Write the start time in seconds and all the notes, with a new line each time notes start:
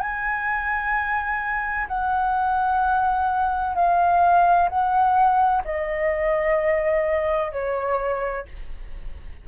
0.00 G#5
1.88 F#5
3.75 F5
4.70 F#5
5.65 D#5
7.52 C#5